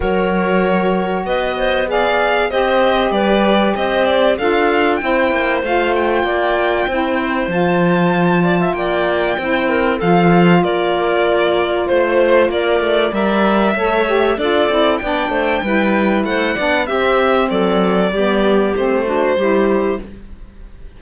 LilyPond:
<<
  \new Staff \with { instrumentName = "violin" } { \time 4/4 \tempo 4 = 96 cis''2 dis''4 f''4 | dis''4 d''4 dis''8 d''8 f''4 | g''4 f''8 g''2~ g''8 | a''2 g''2 |
f''4 d''2 c''4 | d''4 e''2 d''4 | g''2 fis''4 e''4 | d''2 c''2 | }
  \new Staff \with { instrumentName = "clarinet" } { \time 4/4 ais'2 b'8 c''8 d''4 | c''4 b'4 c''4 a'4 | c''2 d''4 c''4~ | c''4. d''16 e''16 d''4 c''8 ais'8 |
a'4 ais'2 c''4 | ais'4 d''4 cis''4 a'4 | d''8 c''8 b'4 c''8 d''8 g'4 | a'4 g'4. fis'8 g'4 | }
  \new Staff \with { instrumentName = "saxophone" } { \time 4/4 fis'2. gis'4 | g'2. f'4 | e'4 f'2 e'4 | f'2. e'4 |
f'1~ | f'4 ais'4 a'8 g'8 f'8 e'8 | d'4 e'4. d'8 c'4~ | c'4 b4 c'8 d'8 e'4 | }
  \new Staff \with { instrumentName = "cello" } { \time 4/4 fis2 b2 | c'4 g4 c'4 d'4 | c'8 ais8 a4 ais4 c'4 | f2 ais4 c'4 |
f4 ais2 a4 | ais8 a8 g4 a4 d'8 c'8 | b8 a8 g4 a8 b8 c'4 | fis4 g4 a4 g4 | }
>>